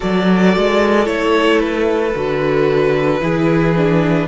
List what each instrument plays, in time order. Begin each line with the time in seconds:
0.00 cello F#3, viola F#4, violin A4 D5
0.56 cello G#3
1.04 cello A3, viola E4, violin C#5
1.59 violin B4
2.15 cello D3, viola F#4
3.21 cello E3, viola E4, violin G#4
3.76 viola D4